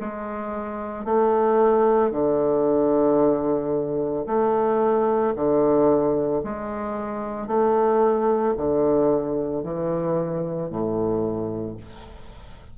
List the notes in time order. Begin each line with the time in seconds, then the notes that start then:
0.00 G#3
1.05 A3
2.11 D3
4.26 A3
5.35 D3
6.43 G#3
7.47 A3
8.57 D3
9.63 E3
10.69 A2